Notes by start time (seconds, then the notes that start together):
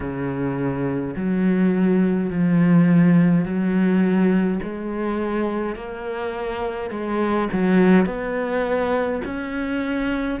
0.00 C#3
1.15 F#3
2.30 F3
3.44 F#3
4.63 G#3
5.75 A#3
6.90 G#3
7.52 F#3
8.05 B3
9.24 C#4